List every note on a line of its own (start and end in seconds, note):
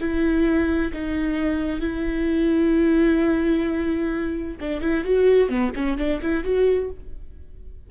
0.00 0.92 E4
0.93 1.80 D#4
1.80 4.57 E4
4.60 4.81 D4
4.81 5.04 E4
5.04 5.49 F#4
5.49 5.72 B3
5.75 5.97 C#4
5.97 6.21 D4
6.22 6.44 E4
6.44 6.90 F#4